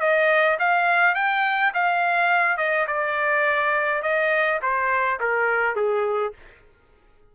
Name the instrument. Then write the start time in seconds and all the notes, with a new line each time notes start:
trumpet
0.00 D#5
0.59 F5
1.15 G5
1.74 F5
2.58 D#5
2.87 D5
4.02 D#5
4.62 C5
5.20 A#4
5.76 G#4